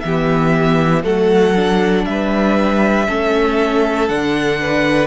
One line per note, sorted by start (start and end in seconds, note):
0.00 1.04 E3
0.00 1.03 B3
0.00 1.04 G4
0.00 1.02 E5
1.03 2.06 F#3
1.03 1.54 A3
1.03 2.05 A4
1.03 2.05 F#5
1.56 3.07 D4
2.05 3.08 G3
2.05 3.07 B4
2.05 4.08 E5
3.07 4.09 A3
3.07 4.08 C#4
3.07 4.59 A4
4.08 5.07 D3
4.08 5.07 D4
4.08 5.07 F#5
4.60 5.07 B4